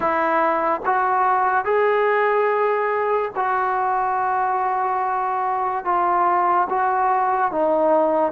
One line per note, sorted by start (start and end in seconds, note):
0.00 0.81 E4
0.85 1.64 F#4
1.64 3.31 G#4
3.35 5.84 F#4
5.84 6.68 F4
6.69 7.51 F#4
7.51 8.31 D#4